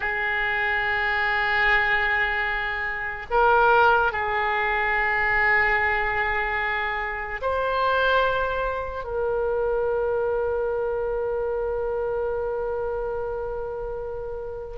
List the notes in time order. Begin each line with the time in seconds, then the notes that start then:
0.00 G#4
3.30 A#4
4.12 G#4
7.41 C5
9.04 A#4